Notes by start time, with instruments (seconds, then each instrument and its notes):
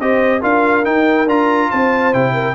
0.00 tuba C4, trombone G4, horn C5, trumpet D#5
0.42 tuba D4, trombone F4, horn A#4, trumpet F5
0.84 trombone D#4, tuba D#4, trumpet G5
1.27 tuba D4, trombone F4, trumpet A#5
1.71 tuba C4, horn C5, trumpet A5
2.13 tuba C3, trombone E4, trumpet G5
2.34 horn A#4